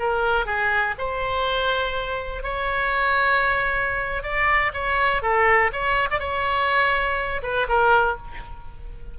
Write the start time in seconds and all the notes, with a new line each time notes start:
0.00 A#4
0.46 G#4
0.99 C5
2.44 C#5
4.24 D5
4.74 C#5
5.23 A4
5.73 C#5
6.11 D5
6.20 C#5
7.43 B4
7.69 A#4